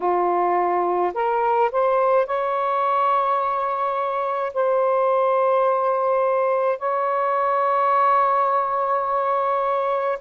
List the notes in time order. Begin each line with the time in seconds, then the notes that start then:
0.00 F4
1.14 A#4
1.71 C5
2.26 C#5
4.53 C5
6.78 C#5